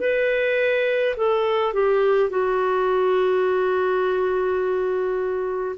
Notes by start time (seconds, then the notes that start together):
0.00 B4
1.16 A4
1.74 G4
2.30 F#4